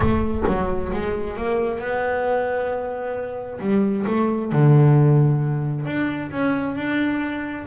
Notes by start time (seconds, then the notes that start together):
0.00 A3
0.47 F#3
0.92 G#3
1.36 A#3
1.79 B3
3.60 G3
4.06 A3
4.52 D3
5.85 D4
6.31 C#4
6.75 D4